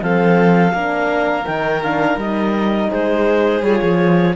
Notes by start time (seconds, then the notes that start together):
0.00 F3 C4 A4 F5
0.73 A#3 D4 A#4
1.44 D#3 D#4 G5
1.83 D4 F5
2.16 G3 D#4 D#5
2.89 G#3 G#4 C5
3.62 G3 F4 C#5
3.82 F3